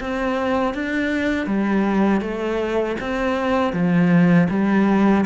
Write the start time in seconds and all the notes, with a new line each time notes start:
0.00 C4
0.74 D4
1.46 G3
2.20 A3
3.00 C4
3.72 F3
4.49 G3